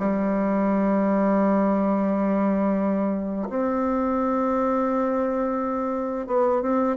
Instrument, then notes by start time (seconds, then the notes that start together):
bassoon
0.00 G3
3.50 C4
6.27 B3
6.62 C4